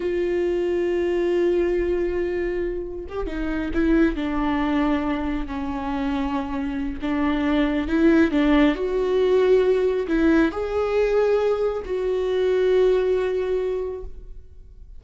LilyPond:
\new Staff \with { instrumentName = "viola" } { \time 4/4 \tempo 4 = 137 f'1~ | f'2. g'8 dis'8~ | dis'8 e'4 d'2~ d'8~ | d'8 cis'2.~ cis'8 |
d'2 e'4 d'4 | fis'2. e'4 | gis'2. fis'4~ | fis'1 | }